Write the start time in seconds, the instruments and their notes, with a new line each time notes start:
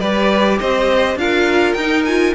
0.00 cello G3, viola G4, violin B4 D5
0.59 cello C4, violin C5 D#5
1.16 cello D4, viola F4, violin A#4 F5
1.74 cello D#4, violin G5
1.80 viola D#4
2.05 viola F4, violin G#5